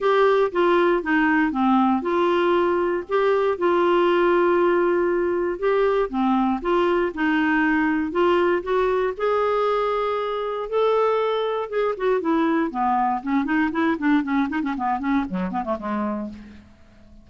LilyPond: \new Staff \with { instrumentName = "clarinet" } { \time 4/4 \tempo 4 = 118 g'4 f'4 dis'4 c'4 | f'2 g'4 f'4~ | f'2. g'4 | c'4 f'4 dis'2 |
f'4 fis'4 gis'2~ | gis'4 a'2 gis'8 fis'8 | e'4 b4 cis'8 dis'8 e'8 d'8 | cis'8 dis'16 cis'16 b8 cis'8 fis8 b16 a16 gis4 | }